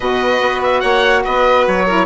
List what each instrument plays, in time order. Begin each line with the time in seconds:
0.00 bassoon B2, saxophone F#4, violin B4, oboe D#5
0.40 bassoon B3
0.62 oboe E5
0.79 bassoon A#3, violin C#5, oboe F#5
1.24 bassoon B3, violin B4, oboe D#5
1.67 bassoon F#3, oboe C#5
1.85 saxophone E4, violin A#4